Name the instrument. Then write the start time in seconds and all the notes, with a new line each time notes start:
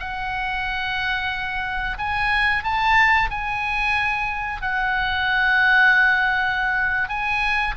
oboe
0.00 F#5
1.98 G#5
2.64 A5
3.30 G#5
4.62 F#5
7.09 G#5